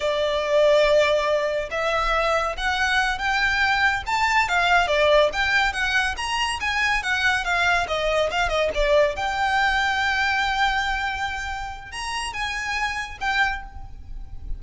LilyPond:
\new Staff \with { instrumentName = "violin" } { \time 4/4 \tempo 4 = 141 d''1 | e''2 fis''4. g''8~ | g''4. a''4 f''4 d''8~ | d''8 g''4 fis''4 ais''4 gis''8~ |
gis''8 fis''4 f''4 dis''4 f''8 | dis''8 d''4 g''2~ g''8~ | g''1 | ais''4 gis''2 g''4 | }